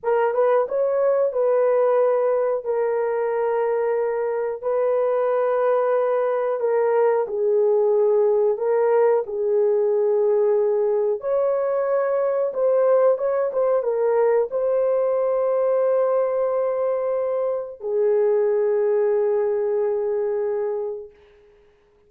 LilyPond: \new Staff \with { instrumentName = "horn" } { \time 4/4 \tempo 4 = 91 ais'8 b'8 cis''4 b'2 | ais'2. b'4~ | b'2 ais'4 gis'4~ | gis'4 ais'4 gis'2~ |
gis'4 cis''2 c''4 | cis''8 c''8 ais'4 c''2~ | c''2. gis'4~ | gis'1 | }